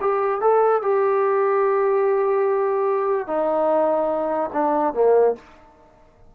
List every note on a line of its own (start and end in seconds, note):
0.00 0.41 G4
0.41 0.82 A4
0.82 3.27 G4
3.27 4.50 D#4
4.52 4.94 D4
4.94 5.35 A#3